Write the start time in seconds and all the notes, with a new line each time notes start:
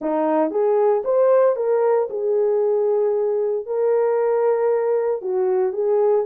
0.01 D#4
0.50 G#4
1.04 C5
1.56 A#4
2.10 G#4
3.65 A#4
5.21 F#4
5.72 G#4